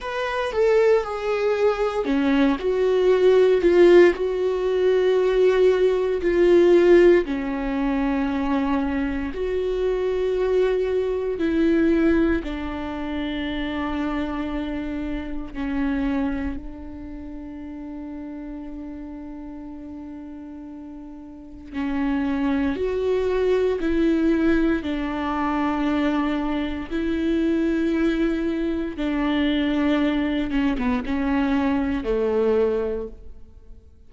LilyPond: \new Staff \with { instrumentName = "viola" } { \time 4/4 \tempo 4 = 58 b'8 a'8 gis'4 cis'8 fis'4 f'8 | fis'2 f'4 cis'4~ | cis'4 fis'2 e'4 | d'2. cis'4 |
d'1~ | d'4 cis'4 fis'4 e'4 | d'2 e'2 | d'4. cis'16 b16 cis'4 a4 | }